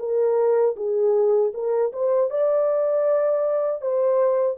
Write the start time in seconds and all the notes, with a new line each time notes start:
0.00 A#4
0.77 G#4
1.54 A#4
1.93 C5
2.31 D5
3.82 C5